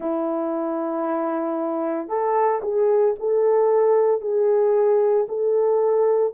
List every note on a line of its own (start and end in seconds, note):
0.00 2.08 E4
2.08 2.60 A4
2.62 3.14 G#4
3.19 4.21 A4
4.21 5.26 G#4
5.28 6.33 A4